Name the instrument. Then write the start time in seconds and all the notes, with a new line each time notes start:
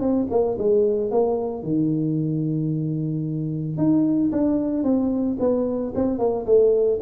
tuba
0.00 C4
0.31 A#3
0.58 G#3
1.11 A#3
1.63 D#3
3.78 D#4
4.32 D4
4.84 C4
5.40 B3
5.95 C4
6.19 A#3
6.46 A3